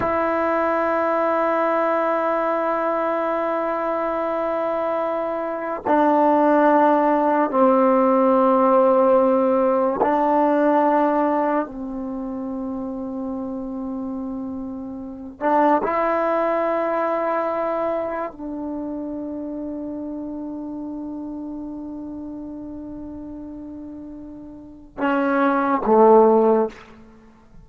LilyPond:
\new Staff \with { instrumentName = "trombone" } { \time 4/4 \tempo 4 = 72 e'1~ | e'2. d'4~ | d'4 c'2. | d'2 c'2~ |
c'2~ c'8 d'8 e'4~ | e'2 d'2~ | d'1~ | d'2 cis'4 a4 | }